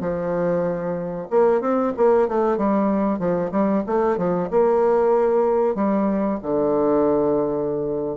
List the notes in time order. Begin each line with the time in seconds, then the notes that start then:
0.00 F3
1.30 A#3
1.60 C4
1.97 A#3
2.28 A3
2.57 G3
3.19 F3
3.51 G3
3.86 A3
4.17 F3
4.50 A#3
5.75 G3
6.42 D3